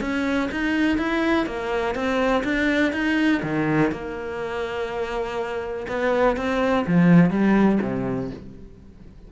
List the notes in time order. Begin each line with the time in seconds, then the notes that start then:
0.00 C#4
0.51 D#4
0.97 E4
1.46 A#3
1.94 C4
2.43 D4
2.92 D#4
3.42 D#3
3.91 A#3
5.87 B3
6.36 C4
6.87 F3
7.30 G3
7.81 C3